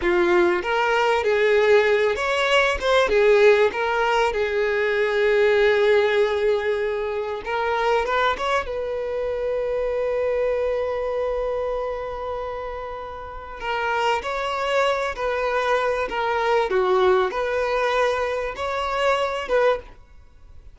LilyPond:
\new Staff \with { instrumentName = "violin" } { \time 4/4 \tempo 4 = 97 f'4 ais'4 gis'4. cis''8~ | cis''8 c''8 gis'4 ais'4 gis'4~ | gis'1 | ais'4 b'8 cis''8 b'2~ |
b'1~ | b'2 ais'4 cis''4~ | cis''8 b'4. ais'4 fis'4 | b'2 cis''4. b'8 | }